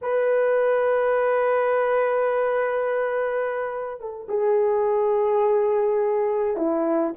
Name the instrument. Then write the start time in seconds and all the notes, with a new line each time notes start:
horn
0.01 B4
3.99 A4
4.28 G#4
6.56 E4